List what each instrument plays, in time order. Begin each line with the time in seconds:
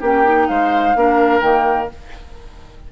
0.00 bassoon A#3, clarinet C#4, oboe G4
0.06 flute G5
0.25 clarinet D#4
0.48 bassoon G#3, oboe C5, flute F5
0.96 bassoon A#3, clarinet D4, oboe A#4
1.41 bassoon D#3, clarinet A#3, flute G5